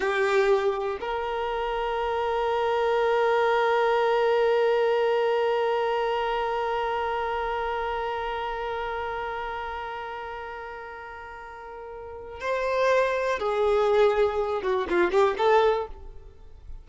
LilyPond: \new Staff \with { instrumentName = "violin" } { \time 4/4 \tempo 4 = 121 g'2 ais'2~ | ais'1~ | ais'1~ | ais'1~ |
ais'1~ | ais'1~ | ais'4 c''2 gis'4~ | gis'4. fis'8 f'8 g'8 a'4 | }